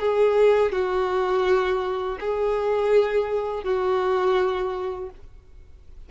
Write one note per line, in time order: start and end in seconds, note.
0.00 0.72 G#4
0.72 2.19 F#4
2.21 3.64 G#4
3.64 5.10 F#4